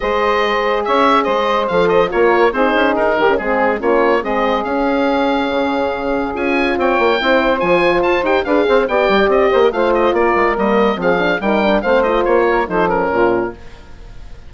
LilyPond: <<
  \new Staff \with { instrumentName = "oboe" } { \time 4/4 \tempo 4 = 142 dis''2 e''4 dis''4 | f''8 dis''8 cis''4 c''4 ais'4 | gis'4 cis''4 dis''4 f''4~ | f''2. gis''4 |
g''2 gis''4 a''8 g''8 | f''4 g''4 dis''4 f''8 dis''8 | d''4 dis''4 f''4 g''4 | f''8 dis''8 cis''4 c''8 ais'4. | }
  \new Staff \with { instrumentName = "saxophone" } { \time 4/4 c''2 cis''4 c''4~ | c''4 ais'4 gis'4. g'8 | gis'4 f'4 gis'2~ | gis'1 |
cis''4 c''2. | b'8 c''8 d''4. c''16 ais'16 c''4 | ais'2 gis'4 ais'4 | c''4. ais'8 a'4 f'4 | }
  \new Staff \with { instrumentName = "horn" } { \time 4/4 gis'1 | a'4 f'4 dis'4.~ dis'16 cis'16 | c'4 cis'4 c'4 cis'4~ | cis'2. f'4~ |
f'4 e'4 f'4. g'8 | gis'4 g'2 f'4~ | f'4 ais4 c'8 d'8 dis'8 d'8 | c'8 f'4. dis'8 cis'4. | }
  \new Staff \with { instrumentName = "bassoon" } { \time 4/4 gis2 cis'4 gis4 | f4 ais4 c'8 cis'8 dis'8 dis8 | gis4 ais4 gis4 cis'4~ | cis'4 cis2 cis'4 |
c'8 ais8 c'4 f4 f'8 dis'8 | d'8 c'8 b8 g8 c'8 ais8 a4 | ais8 gis8 g4 f4 g4 | a4 ais4 f4 ais,4 | }
>>